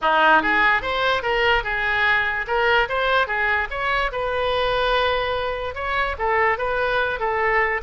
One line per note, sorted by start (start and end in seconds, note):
0.01 0.42 D#4
0.42 0.82 G#4
0.82 1.22 C5
1.22 1.63 A#4
1.63 2.46 G#4
2.47 2.88 A#4
2.89 3.27 C5
3.27 3.68 G#4
3.70 4.11 C#5
4.12 5.74 B4
5.74 6.16 C#5
6.18 6.58 A4
6.58 7.19 B4
7.19 7.81 A4